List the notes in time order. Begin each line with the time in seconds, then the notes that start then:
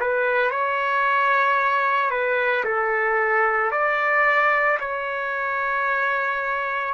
0.00 B4
0.51 C#5
2.10 B4
2.64 A4
3.71 D5
4.80 C#5